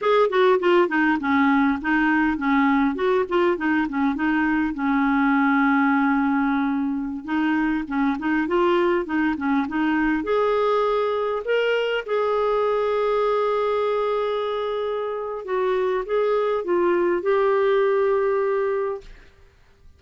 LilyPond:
\new Staff \with { instrumentName = "clarinet" } { \time 4/4 \tempo 4 = 101 gis'8 fis'8 f'8 dis'8 cis'4 dis'4 | cis'4 fis'8 f'8 dis'8 cis'8 dis'4 | cis'1~ | cis'16 dis'4 cis'8 dis'8 f'4 dis'8 cis'16~ |
cis'16 dis'4 gis'2 ais'8.~ | ais'16 gis'2.~ gis'8.~ | gis'2 fis'4 gis'4 | f'4 g'2. | }